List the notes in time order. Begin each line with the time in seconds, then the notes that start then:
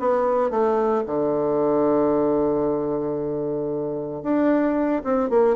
0.00 B3
0.51 A3
1.06 D3
4.23 D4
5.04 C4
5.30 A#3